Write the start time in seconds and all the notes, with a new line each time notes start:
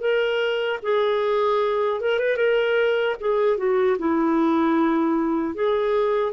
0.00 A#4
0.83 G#4
2.00 A#4
2.19 B4
2.36 A#4
3.20 G#4
3.57 F#4
3.98 E4
5.54 G#4